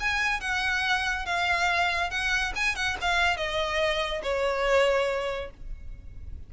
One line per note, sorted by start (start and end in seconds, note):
0.00 0.40 G#5
0.40 1.26 F#5
1.26 2.10 F5
2.10 2.53 F#5
2.55 2.75 G#5
2.75 2.97 F#5
3.01 3.37 F5
3.37 4.22 D#5
4.23 5.50 C#5